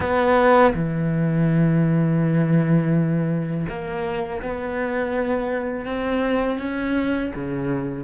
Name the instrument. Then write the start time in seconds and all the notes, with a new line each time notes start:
cello
0.00 B3
0.74 E3
3.69 A#3
4.42 B3
5.85 C4
6.59 C#4
7.35 C#3